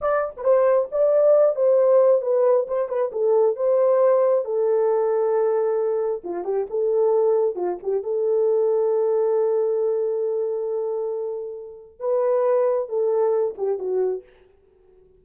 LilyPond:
\new Staff \with { instrumentName = "horn" } { \time 4/4 \tempo 4 = 135 d''8. b'16 c''4 d''4. c''8~ | c''4 b'4 c''8 b'8 a'4 | c''2 a'2~ | a'2 f'8 g'8 a'4~ |
a'4 f'8 g'8 a'2~ | a'1~ | a'2. b'4~ | b'4 a'4. g'8 fis'4 | }